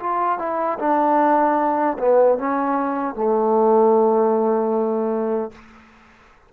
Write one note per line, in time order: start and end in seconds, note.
0.00 0.39 F4
0.39 0.78 E4
0.79 1.97 D4
1.99 2.38 B3
2.38 3.15 C#4
3.15 5.52 A3